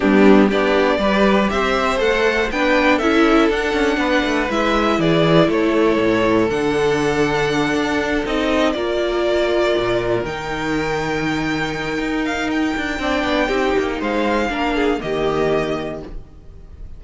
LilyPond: <<
  \new Staff \with { instrumentName = "violin" } { \time 4/4 \tempo 4 = 120 g'4 d''2 e''4 | fis''4 g''4 e''4 fis''4~ | fis''4 e''4 d''4 cis''4~ | cis''4 fis''2.~ |
fis''8 dis''4 d''2~ d''8~ | d''8 g''2.~ g''8~ | g''8 f''8 g''2. | f''2 dis''2 | }
  \new Staff \with { instrumentName = "violin" } { \time 4/4 d'4 g'4 b'4 c''4~ | c''4 b'4 a'2 | b'2 gis'4 a'4~ | a'1~ |
a'4. ais'2~ ais'8~ | ais'1~ | ais'2 d''4 g'4 | c''4 ais'8 gis'8 g'2 | }
  \new Staff \with { instrumentName = "viola" } { \time 4/4 b4 d'4 g'2 | a'4 d'4 e'4 d'4~ | d'4 e'2.~ | e'4 d'2.~ |
d'8 dis'4 f'2~ f'8~ | f'8 dis'2.~ dis'8~ | dis'2 d'4 dis'4~ | dis'4 d'4 ais2 | }
  \new Staff \with { instrumentName = "cello" } { \time 4/4 g4 b4 g4 c'4 | a4 b4 cis'4 d'8 cis'8 | b8 a8 gis4 e4 a4 | a,4 d2~ d8 d'8~ |
d'8 c'4 ais2 ais,8~ | ais,8 dis2.~ dis8 | dis'4. d'8 c'8 b8 c'8 ais8 | gis4 ais4 dis2 | }
>>